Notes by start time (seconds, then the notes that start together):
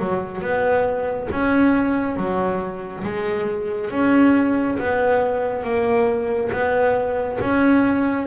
0.00 F#3
0.42 B3
1.32 C#4
2.17 F#3
3.04 G#3
3.91 C#4
4.80 B3
5.64 A#3
6.52 B3
7.41 C#4